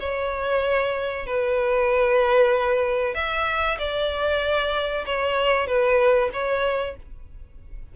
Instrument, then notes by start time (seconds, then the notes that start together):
violin
0.00 C#5
1.27 B4
3.15 E5
3.79 D5
5.06 C#5
5.67 B4
6.33 C#5